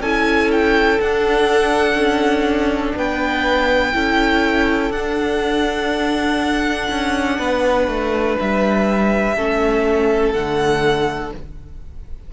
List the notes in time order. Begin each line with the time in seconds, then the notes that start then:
0.00 C#4 E4 A4 G#5
0.52 G5
1.00 D4 F#5
1.95 C#4
2.96 B3 B4 G5
3.94 C#4 E4 A4
4.91 D4 F#5
6.91 C#4
7.39 B3 B4
7.88 A3
8.40 G3 E5
9.36 A3 C#4 A4
10.32 D3 A3 F#5